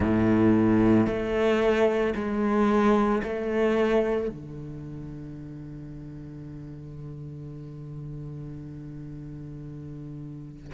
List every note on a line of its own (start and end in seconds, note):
0.00 1.07 A2
1.07 2.14 A3
2.15 3.22 G#3
3.23 4.29 A3
4.29 10.71 D3